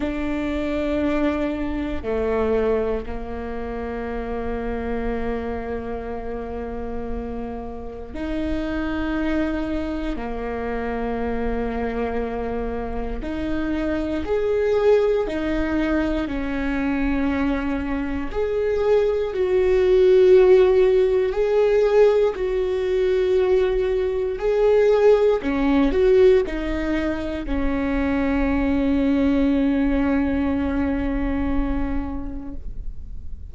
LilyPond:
\new Staff \with { instrumentName = "viola" } { \time 4/4 \tempo 4 = 59 d'2 a4 ais4~ | ais1 | dis'2 ais2~ | ais4 dis'4 gis'4 dis'4 |
cis'2 gis'4 fis'4~ | fis'4 gis'4 fis'2 | gis'4 cis'8 fis'8 dis'4 cis'4~ | cis'1 | }